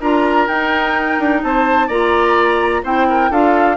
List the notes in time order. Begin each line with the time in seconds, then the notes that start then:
0.00 D4 F4 A#4 A#5
0.47 D#4 G5
1.19 D4
1.43 C4 C5 A5
1.87 A#3 F4 D5 A#5
2.83 C4 E4 C5 G5
3.09 A#4
3.30 D4 F4 A4 F5